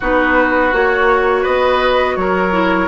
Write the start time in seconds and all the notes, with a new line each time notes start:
0.00 B3 D#4 F#4 B4
0.72 A#3 F#4 C#5
1.42 B3 B4 D#5
2.16 F#3 A#4 C#5
2.52 E4